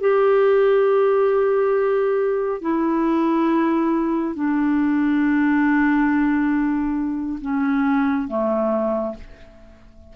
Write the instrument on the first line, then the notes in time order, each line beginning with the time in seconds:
clarinet
0.00 G4
2.61 E4
4.34 D4
7.41 C#4
8.28 A3